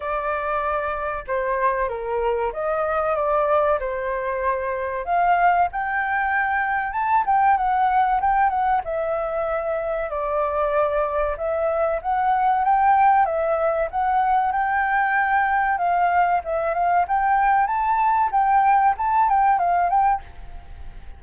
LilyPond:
\new Staff \with { instrumentName = "flute" } { \time 4/4 \tempo 4 = 95 d''2 c''4 ais'4 | dis''4 d''4 c''2 | f''4 g''2 a''8 g''8 | fis''4 g''8 fis''8 e''2 |
d''2 e''4 fis''4 | g''4 e''4 fis''4 g''4~ | g''4 f''4 e''8 f''8 g''4 | a''4 g''4 a''8 g''8 f''8 g''8 | }